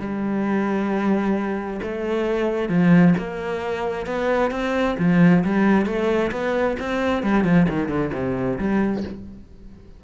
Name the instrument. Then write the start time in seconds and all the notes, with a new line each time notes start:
cello
0.00 G3
1.83 A3
2.69 F3
3.18 A#3
4.07 B3
4.51 C4
4.99 F3
5.44 G3
5.86 A3
6.32 B3
6.80 C4
7.23 G3
7.44 F3
7.69 D#3
7.89 D3
8.13 C3
8.59 G3